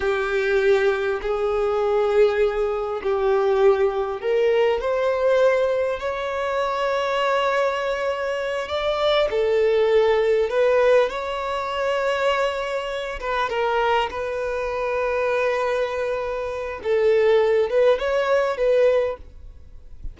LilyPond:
\new Staff \with { instrumentName = "violin" } { \time 4/4 \tempo 4 = 100 g'2 gis'2~ | gis'4 g'2 ais'4 | c''2 cis''2~ | cis''2~ cis''8 d''4 a'8~ |
a'4. b'4 cis''4.~ | cis''2 b'8 ais'4 b'8~ | b'1 | a'4. b'8 cis''4 b'4 | }